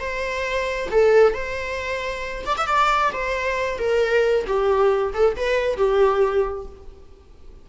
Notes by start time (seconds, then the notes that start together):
0.00 C5
0.91 A4
1.34 C5
2.45 D5
2.57 E5
2.67 D5
3.13 C5
3.78 A#4
4.47 G4
5.14 A4
5.36 B4
5.77 G4